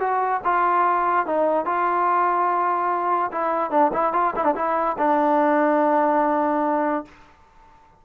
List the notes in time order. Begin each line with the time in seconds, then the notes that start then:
0.00 F#4
0.45 F4
1.26 D#4
1.66 F4
3.32 E4
3.71 D4
3.93 E4
4.13 F4
4.36 E4
4.44 D4
4.56 E4
4.98 D4